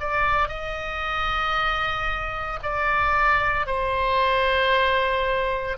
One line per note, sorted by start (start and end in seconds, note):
0.00 0.48 D5
0.48 2.59 D#5
2.63 3.67 D5
3.67 5.77 C5